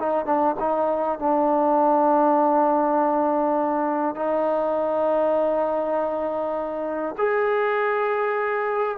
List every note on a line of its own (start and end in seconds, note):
0.00 0.26 D#4
0.26 0.56 D4
0.60 1.19 D#4
1.19 4.16 D4
4.16 7.16 D#4
7.18 8.98 G#4